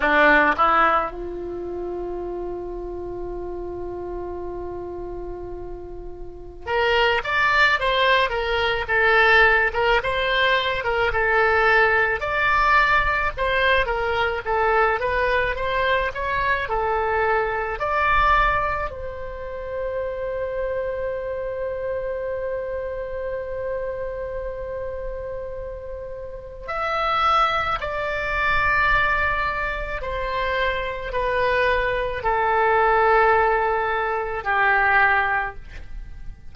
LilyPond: \new Staff \with { instrumentName = "oboe" } { \time 4/4 \tempo 4 = 54 d'8 e'8 f'2.~ | f'2 ais'8 d''8 c''8 ais'8 | a'8. ais'16 c''8. ais'16 a'4 d''4 | c''8 ais'8 a'8 b'8 c''8 cis''8 a'4 |
d''4 c''2.~ | c''1 | e''4 d''2 c''4 | b'4 a'2 g'4 | }